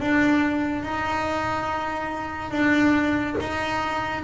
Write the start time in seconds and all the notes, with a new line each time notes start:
0.00 D4
0.83 D#4
2.51 D4
3.40 D#4